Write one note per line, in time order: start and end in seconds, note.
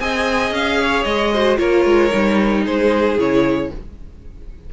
0.00 0.52 C4
0.00 1.34 G#4
0.00 0.82 D#5
0.00 0.53 G#5
0.52 1.05 C#4
0.52 1.05 F5
0.82 1.33 C#5
1.05 1.59 G#3
1.05 1.58 D#5
1.33 1.58 F#4
1.33 1.60 C5
1.58 1.86 A#3
1.58 2.11 F4
1.58 2.64 A#4
1.58 2.65 C#5
1.86 2.12 G#3
2.12 2.67 G3
2.12 3.18 D#4
2.64 3.18 G#3
2.64 3.70 G#4
2.64 3.19 C5
3.18 3.71 C#3
3.18 3.72 E4
3.18 3.73 C#5